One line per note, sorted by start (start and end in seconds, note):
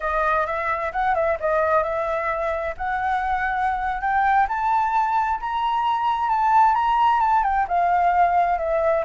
0.00 0.46 D#5
0.46 0.92 E5
0.92 1.14 F#5
1.14 1.37 E5
1.39 1.83 D#5
1.83 2.75 E5
2.77 4.01 F#5
4.01 4.47 G5
4.48 5.40 A5
5.40 6.29 A#5
6.29 6.74 A5
6.74 7.20 A#5
7.20 7.43 A5
7.43 7.66 G5
7.68 8.58 F5
8.58 9.04 E5